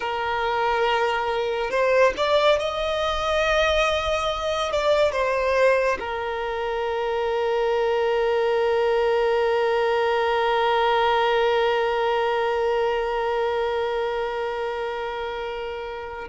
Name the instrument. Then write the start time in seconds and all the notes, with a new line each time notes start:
violin
0.00 A#4
1.70 C5
2.16 D5
2.59 D#5
4.71 D5
5.12 C5
5.99 A#4